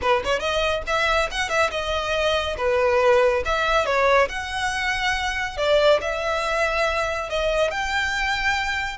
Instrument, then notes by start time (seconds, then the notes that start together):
violin
0.01 B4
0.24 C#5
0.39 D#5
0.86 E5
1.31 F#5
1.49 E5
1.70 D#5
2.57 B4
3.45 E5
3.85 C#5
4.28 F#5
5.57 D5
6.01 E5
7.29 D#5
7.70 G5